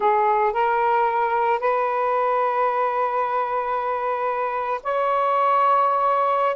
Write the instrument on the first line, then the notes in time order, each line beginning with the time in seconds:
saxophone
0.00 G#4
0.52 A#4
1.59 B4
4.83 C#5